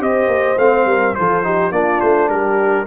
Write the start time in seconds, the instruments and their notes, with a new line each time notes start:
0.00 tuba C4, trombone G4, horn C5, trumpet D#5
0.28 tuba A#3
0.58 tuba A3, trombone C4, trumpet F5
0.86 tuba G3, horn A#4
1.15 tuba F3, trombone F4, horn A4, trumpet C5
1.44 trombone D#4, horn G4
1.72 tuba A#3, trombone D4, horn F4, trumpet D5
2.01 tuba A3, trumpet C5
2.30 tuba G3, horn G4, trumpet A#4